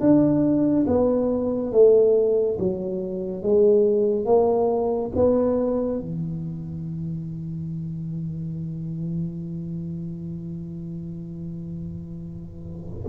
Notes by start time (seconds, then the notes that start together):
0.00 D4
0.87 B3
1.72 A3
2.59 F#3
3.42 G#3
4.25 A#3
5.15 B3
6.00 E3